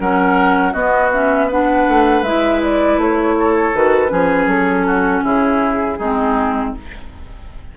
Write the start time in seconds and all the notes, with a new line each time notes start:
0.00 F#3 C#4 A#4 F#5
0.73 B3 F#4 D#5
1.12 C#4 E5
1.48 D4 B4 F#5
1.88 A3
2.22 G#3 E4 E5
2.62 D5
2.97 A3 C#5
3.39 A4
3.74 D#3 F#4 B4
4.08 F3 C#4 G#4
4.47 F#3 A4
4.87 F#4
5.24 C#3 E4 G#4
5.98 G#3 C4 D#4